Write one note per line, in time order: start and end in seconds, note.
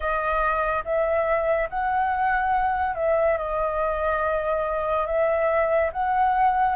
0.00 0.83 D#5
0.85 1.69 E5
1.69 2.95 F#5
2.95 3.37 E5
3.37 5.06 D#5
5.06 5.90 E5
5.92 6.76 F#5